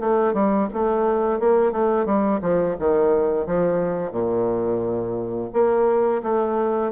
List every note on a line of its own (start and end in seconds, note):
0.00 0.34 A3
0.34 0.68 G3
0.73 1.39 A3
1.39 1.72 A#3
1.72 2.06 A3
2.06 2.40 G3
2.42 2.76 F3
2.79 3.46 D#3
3.46 4.12 F3
4.12 5.50 A#2
5.53 6.22 A#3
6.23 6.92 A3